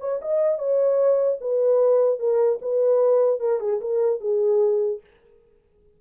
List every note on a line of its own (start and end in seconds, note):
0.00 0.20 C#5
0.22 0.58 D#5
0.58 1.38 C#5
1.41 2.19 B4
2.19 2.59 A#4
2.62 3.40 B4
3.40 3.60 A#4
3.60 3.80 G#4
3.81 4.21 A#4
4.21 5.01 G#4